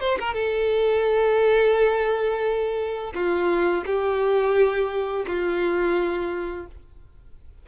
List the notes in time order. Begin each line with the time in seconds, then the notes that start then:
0.00 C5
0.19 A#4
0.34 A4
3.14 F4
3.86 G4
5.27 F4